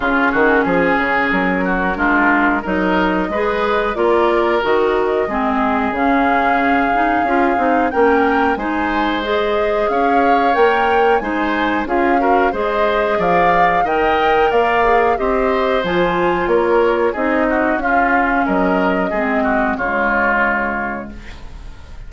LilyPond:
<<
  \new Staff \with { instrumentName = "flute" } { \time 4/4 \tempo 4 = 91 gis'2 ais'2 | dis''2 d''4 dis''4~ | dis''4 f''2. | g''4 gis''4 dis''4 f''4 |
g''4 gis''4 f''4 dis''4 | f''4 g''4 f''4 dis''4 | gis''4 cis''4 dis''4 f''4 | dis''2 cis''2 | }
  \new Staff \with { instrumentName = "oboe" } { \time 4/4 f'8 fis'8 gis'4. fis'8 f'4 | ais'4 b'4 ais'2 | gis'1 | ais'4 c''2 cis''4~ |
cis''4 c''4 gis'8 ais'8 c''4 | d''4 dis''4 d''4 c''4~ | c''4 ais'4 gis'8 fis'8 f'4 | ais'4 gis'8 fis'8 f'2 | }
  \new Staff \with { instrumentName = "clarinet" } { \time 4/4 cis'2. d'4 | dis'4 gis'4 f'4 fis'4 | c'4 cis'4. dis'8 f'8 dis'8 | cis'4 dis'4 gis'2 |
ais'4 dis'4 f'8 fis'8 gis'4~ | gis'4 ais'4. gis'8 g'4 | f'2 dis'4 cis'4~ | cis'4 c'4 gis2 | }
  \new Staff \with { instrumentName = "bassoon" } { \time 4/4 cis8 dis8 f8 cis8 fis4 gis4 | fis4 gis4 ais4 dis4 | gis4 cis2 cis'8 c'8 | ais4 gis2 cis'4 |
ais4 gis4 cis'4 gis4 | f4 dis4 ais4 c'4 | f4 ais4 c'4 cis'4 | fis4 gis4 cis2 | }
>>